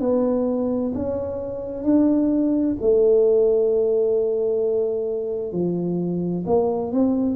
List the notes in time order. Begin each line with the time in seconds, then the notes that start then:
0.00 B3
0.94 C#4
1.83 D4
2.81 A3
5.52 F3
6.46 A#3
6.92 C4